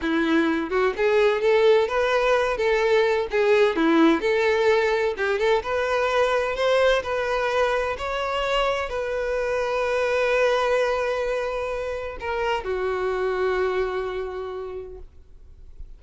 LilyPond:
\new Staff \with { instrumentName = "violin" } { \time 4/4 \tempo 4 = 128 e'4. fis'8 gis'4 a'4 | b'4. a'4. gis'4 | e'4 a'2 g'8 a'8 | b'2 c''4 b'4~ |
b'4 cis''2 b'4~ | b'1~ | b'2 ais'4 fis'4~ | fis'1 | }